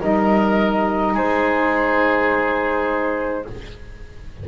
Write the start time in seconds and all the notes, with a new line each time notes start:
0.00 G3 D#4 A#4 D#5
1.13 G#3 G#4 C5